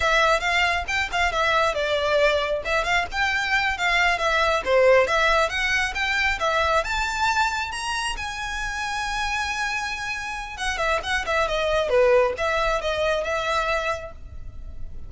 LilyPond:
\new Staff \with { instrumentName = "violin" } { \time 4/4 \tempo 4 = 136 e''4 f''4 g''8 f''8 e''4 | d''2 e''8 f''8 g''4~ | g''8 f''4 e''4 c''4 e''8~ | e''8 fis''4 g''4 e''4 a''8~ |
a''4. ais''4 gis''4.~ | gis''1 | fis''8 e''8 fis''8 e''8 dis''4 b'4 | e''4 dis''4 e''2 | }